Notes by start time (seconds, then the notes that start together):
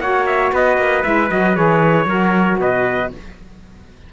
0.00 A#3 F#4 C#5 F#5
0.26 E5
0.52 B3 B4 D#5
0.78 A#3
1.03 G#3 E4 E5
1.29 F#3 F#4 D#5
1.55 E3 G#4 C#5
2.05 F#3 F#4 A#4
2.58 B2 B4 D#5